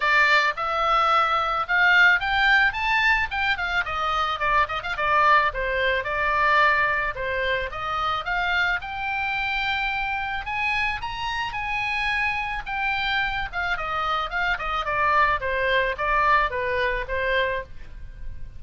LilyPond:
\new Staff \with { instrumentName = "oboe" } { \time 4/4 \tempo 4 = 109 d''4 e''2 f''4 | g''4 a''4 g''8 f''8 dis''4 | d''8 dis''16 f''16 d''4 c''4 d''4~ | d''4 c''4 dis''4 f''4 |
g''2. gis''4 | ais''4 gis''2 g''4~ | g''8 f''8 dis''4 f''8 dis''8 d''4 | c''4 d''4 b'4 c''4 | }